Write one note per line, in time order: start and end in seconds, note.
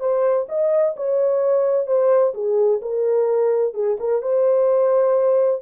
0.00 0.47 C5
0.48 0.95 D#5
0.96 1.86 C#5
1.86 2.33 C5
2.34 2.81 G#4
2.82 3.74 A#4
3.74 3.97 G#4
4.00 4.22 A#4
4.22 5.62 C5